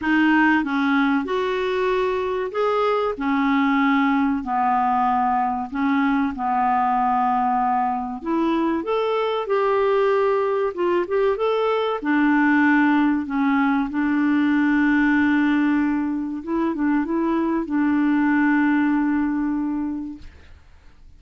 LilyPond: \new Staff \with { instrumentName = "clarinet" } { \time 4/4 \tempo 4 = 95 dis'4 cis'4 fis'2 | gis'4 cis'2 b4~ | b4 cis'4 b2~ | b4 e'4 a'4 g'4~ |
g'4 f'8 g'8 a'4 d'4~ | d'4 cis'4 d'2~ | d'2 e'8 d'8 e'4 | d'1 | }